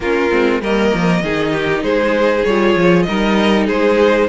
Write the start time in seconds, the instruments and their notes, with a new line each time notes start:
0.00 cello A#3, viola C#4, violin F4 A#4
0.30 cello G#3, viola C4
0.61 cello G3, viola A#3, violin A#4 D#5
0.93 cello F3
1.22 cello D#3, viola D#4, violin G#4
1.52 violin G4
1.82 cello G#3, violin G#4 C5
2.44 cello G3, viola F4, violin C#5
2.75 cello F3
3.02 cello G3, viola D#4, violin A#4 D#5
3.66 cello G#3, violin G#4 C5